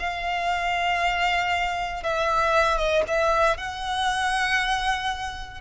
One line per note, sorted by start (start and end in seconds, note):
0.00 2.03 F5
2.03 2.78 E5
2.78 3.03 D#5
3.08 3.57 E5
3.57 5.61 F#5